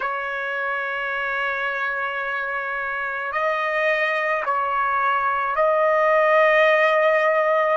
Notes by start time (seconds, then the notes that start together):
0.00 C#5
3.32 D#5
4.44 C#5
5.55 D#5